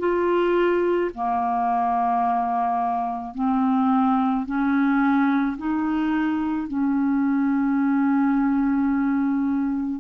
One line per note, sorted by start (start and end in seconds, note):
0.00 1.11 F4
1.15 3.35 A#3
3.35 4.46 C4
4.46 5.57 C#4
5.58 6.68 D#4
6.68 10.01 C#4